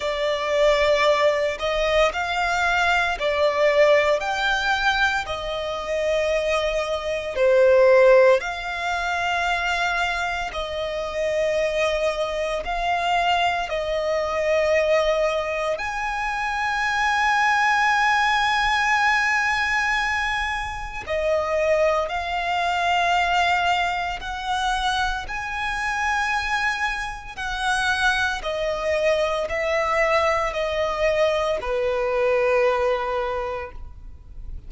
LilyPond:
\new Staff \with { instrumentName = "violin" } { \time 4/4 \tempo 4 = 57 d''4. dis''8 f''4 d''4 | g''4 dis''2 c''4 | f''2 dis''2 | f''4 dis''2 gis''4~ |
gis''1 | dis''4 f''2 fis''4 | gis''2 fis''4 dis''4 | e''4 dis''4 b'2 | }